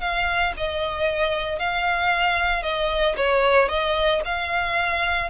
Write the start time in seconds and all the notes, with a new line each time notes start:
0.00 F5
0.56 D#5
1.58 F5
2.62 D#5
3.16 C#5
3.68 D#5
4.25 F5